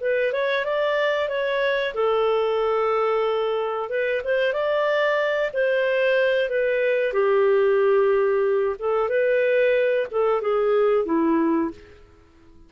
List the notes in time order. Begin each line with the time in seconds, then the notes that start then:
0.00 B4
0.33 C#5
0.65 D5
1.28 C#5
1.94 A4
3.89 B4
4.24 C5
4.53 D5
5.53 C5
6.49 B4
7.13 G4
8.79 A4
9.09 B4
10.11 A4
10.41 G#4
11.05 E4